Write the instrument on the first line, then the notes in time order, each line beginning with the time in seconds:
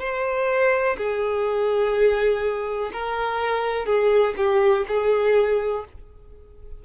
violin
0.00 C5
0.98 G#4
2.93 A#4
3.86 G#4
4.37 G4
4.88 G#4